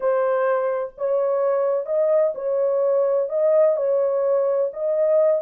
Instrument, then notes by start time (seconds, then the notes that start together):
horn
0.00 C5
0.97 C#5
1.86 D#5
2.35 C#5
3.29 D#5
3.76 C#5
4.73 D#5